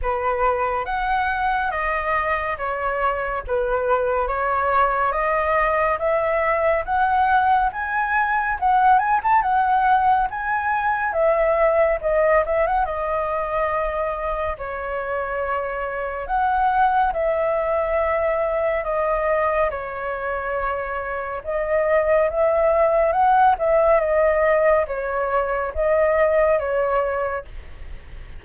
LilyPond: \new Staff \with { instrumentName = "flute" } { \time 4/4 \tempo 4 = 70 b'4 fis''4 dis''4 cis''4 | b'4 cis''4 dis''4 e''4 | fis''4 gis''4 fis''8 gis''16 a''16 fis''4 | gis''4 e''4 dis''8 e''16 fis''16 dis''4~ |
dis''4 cis''2 fis''4 | e''2 dis''4 cis''4~ | cis''4 dis''4 e''4 fis''8 e''8 | dis''4 cis''4 dis''4 cis''4 | }